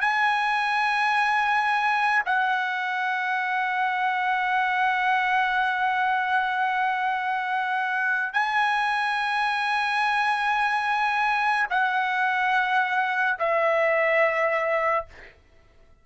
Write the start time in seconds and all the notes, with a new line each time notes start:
0.00 G#5
2.25 F#5
8.33 G#5
11.70 F#5
13.38 E5